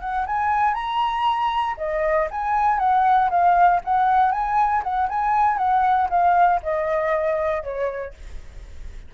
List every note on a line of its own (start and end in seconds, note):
0.00 0.25 F#5
0.26 0.74 G#5
0.74 1.75 A#5
1.77 2.28 D#5
2.31 2.79 G#5
2.79 3.29 F#5
3.30 3.81 F5
3.84 4.31 F#5
4.31 4.82 G#5
4.83 5.08 F#5
5.09 5.57 G#5
5.57 6.08 F#5
6.09 6.60 F5
6.63 7.63 D#5
7.63 8.14 C#5